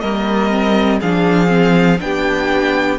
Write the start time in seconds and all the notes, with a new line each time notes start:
0.00 G3 A#3 A#4 D#5
0.51 C4
1.00 F3 D4 G#4 F5
1.47 C4
2.00 B3 D4 G4 G5